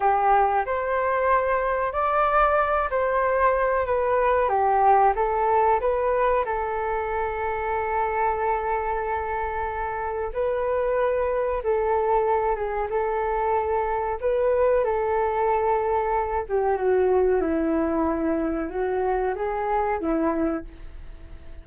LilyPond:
\new Staff \with { instrumentName = "flute" } { \time 4/4 \tempo 4 = 93 g'4 c''2 d''4~ | d''8 c''4. b'4 g'4 | a'4 b'4 a'2~ | a'1 |
b'2 a'4. gis'8 | a'2 b'4 a'4~ | a'4. g'8 fis'4 e'4~ | e'4 fis'4 gis'4 e'4 | }